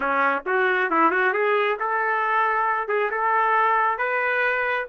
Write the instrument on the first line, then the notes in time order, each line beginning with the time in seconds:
trumpet
0.00 C#4
0.45 F#4
0.90 E4
1.11 F#4
1.33 G#4
1.79 A4
2.88 G#4
3.11 A4
3.98 B4